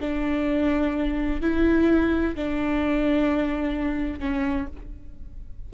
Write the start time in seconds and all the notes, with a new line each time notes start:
0.00 D4
1.41 E4
2.35 D4
4.19 C#4